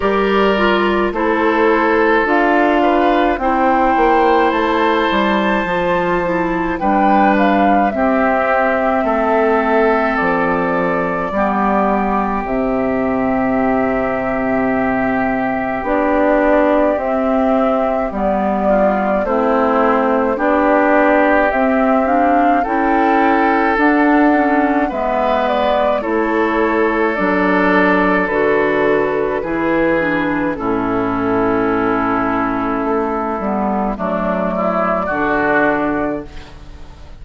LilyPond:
<<
  \new Staff \with { instrumentName = "flute" } { \time 4/4 \tempo 4 = 53 d''4 c''4 f''4 g''4 | a''2 g''8 f''8 e''4~ | e''4 d''2 e''4~ | e''2 d''4 e''4 |
d''4 c''4 d''4 e''8 f''8 | g''4 fis''4 e''8 d''8 cis''4 | d''4 b'2 a'4~ | a'2 d''2 | }
  \new Staff \with { instrumentName = "oboe" } { \time 4/4 ais'4 a'4. b'8 c''4~ | c''2 b'4 g'4 | a'2 g'2~ | g'1~ |
g'8 f'8 e'4 g'2 | a'2 b'4 a'4~ | a'2 gis'4 e'4~ | e'2 d'8 e'8 fis'4 | }
  \new Staff \with { instrumentName = "clarinet" } { \time 4/4 g'8 f'8 e'4 f'4 e'4~ | e'4 f'8 e'8 d'4 c'4~ | c'2 b4 c'4~ | c'2 d'4 c'4 |
b4 c'4 d'4 c'8 d'8 | e'4 d'8 cis'8 b4 e'4 | d'4 fis'4 e'8 d'8 cis'4~ | cis'4. b8 a4 d'4 | }
  \new Staff \with { instrumentName = "bassoon" } { \time 4/4 g4 a4 d'4 c'8 ais8 | a8 g8 f4 g4 c'4 | a4 f4 g4 c4~ | c2 b4 c'4 |
g4 a4 b4 c'4 | cis'4 d'4 gis4 a4 | fis4 d4 e4 a,4~ | a,4 a8 g8 fis4 d4 | }
>>